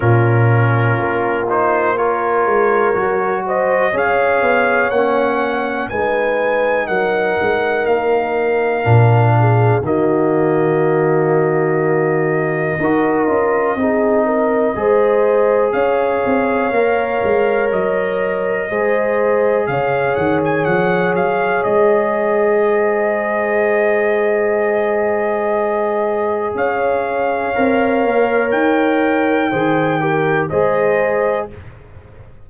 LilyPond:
<<
  \new Staff \with { instrumentName = "trumpet" } { \time 4/4 \tempo 4 = 61 ais'4. c''8 cis''4. dis''8 | f''4 fis''4 gis''4 fis''4 | f''2 dis''2~ | dis''1 |
f''2 dis''2 | f''8 fis''16 gis''16 fis''8 f''8 dis''2~ | dis''2. f''4~ | f''4 g''2 dis''4 | }
  \new Staff \with { instrumentName = "horn" } { \time 4/4 f'2 ais'4. c''8 | cis''2 b'4 ais'4~ | ais'4. gis'8 fis'2~ | fis'4 ais'4 gis'8 ais'8 c''4 |
cis''2. c''4 | cis''2. c''4~ | c''2. cis''4~ | cis''2 c''8 ais'8 c''4 | }
  \new Staff \with { instrumentName = "trombone" } { \time 4/4 cis'4. dis'8 f'4 fis'4 | gis'4 cis'4 dis'2~ | dis'4 d'4 ais2~ | ais4 fis'8 f'8 dis'4 gis'4~ |
gis'4 ais'2 gis'4~ | gis'1~ | gis'1 | ais'2 gis'8 g'8 gis'4 | }
  \new Staff \with { instrumentName = "tuba" } { \time 4/4 ais,4 ais4. gis8 fis4 | cis'8 b8 ais4 gis4 fis8 gis8 | ais4 ais,4 dis2~ | dis4 dis'8 cis'8 c'4 gis4 |
cis'8 c'8 ais8 gis8 fis4 gis4 | cis8 dis8 f8 fis8 gis2~ | gis2. cis'4 | c'8 ais8 dis'4 dis4 gis4 | }
>>